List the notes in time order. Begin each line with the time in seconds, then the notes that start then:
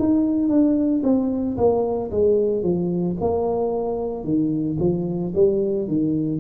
0.00 D#4
0.49 D4
1.04 C4
1.58 A#3
2.11 G#3
2.63 F3
3.21 A#3
4.24 D#3
4.79 F3
5.35 G3
5.88 D#3